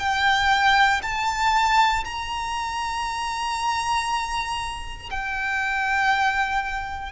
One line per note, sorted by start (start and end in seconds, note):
0.00 1.02 G5
1.03 2.04 A5
2.04 5.09 A#5
5.11 7.12 G5